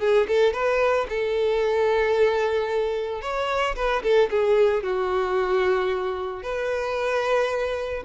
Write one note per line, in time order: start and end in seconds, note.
0.00 0.27 G#4
0.28 0.53 A4
0.53 1.07 B4
1.09 3.22 A4
3.22 3.75 C#5
3.75 4.02 B4
4.03 4.29 A4
4.30 4.83 G#4
4.83 6.43 F#4
6.43 8.03 B4